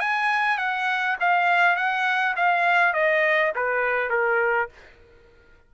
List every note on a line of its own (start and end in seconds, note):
0.00 0.58 G#5
0.58 1.17 F#5
1.20 1.76 F5
1.76 2.35 F#5
2.37 2.94 F5
2.94 3.52 D#5
3.56 4.10 B4
4.10 4.69 A#4